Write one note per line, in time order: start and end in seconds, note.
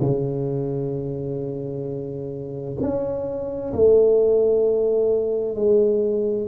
0.00 2.77 C#3
2.80 3.73 C#4
3.73 5.55 A3
5.55 6.47 G#3